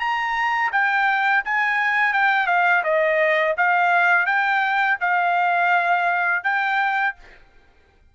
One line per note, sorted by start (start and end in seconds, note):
0.00 0.71 A#5
0.72 1.44 G5
1.45 2.14 G#5
2.14 2.47 G5
2.47 2.83 F5
2.84 3.56 D#5
3.58 4.26 F5
4.26 4.98 G5
5.01 6.44 F5
6.44 7.16 G5